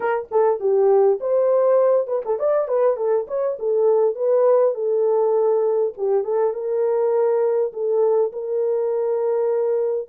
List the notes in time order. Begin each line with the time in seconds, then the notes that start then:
0.00 A#4
0.31 A4
0.59 G4
1.20 C5
2.07 B4
2.25 A4
2.39 D5
2.68 B4
2.96 A4
3.27 C#5
3.59 A4
4.15 B4
4.74 A4
5.97 G4
6.23 A4
6.53 A#4
7.72 A4
8.32 A#4